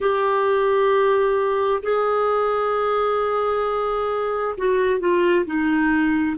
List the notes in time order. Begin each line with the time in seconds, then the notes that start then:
0.00 G4
1.82 G#4
4.57 F#4
4.99 F4
5.45 D#4